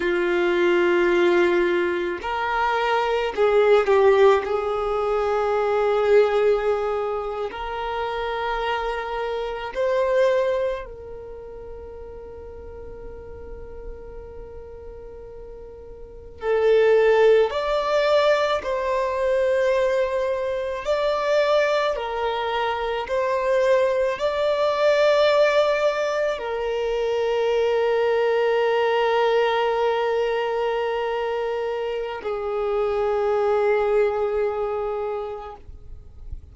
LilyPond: \new Staff \with { instrumentName = "violin" } { \time 4/4 \tempo 4 = 54 f'2 ais'4 gis'8 g'8 | gis'2~ gis'8. ais'4~ ais'16~ | ais'8. c''4 ais'2~ ais'16~ | ais'2~ ais'8. a'4 d''16~ |
d''8. c''2 d''4 ais'16~ | ais'8. c''4 d''2 ais'16~ | ais'1~ | ais'4 gis'2. | }